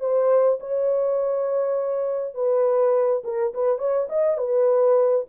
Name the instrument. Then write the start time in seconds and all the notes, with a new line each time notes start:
horn
0.00 C5
0.60 C#5
2.34 B4
3.24 A#4
3.54 B4
3.78 C#5
4.09 D#5
4.37 B4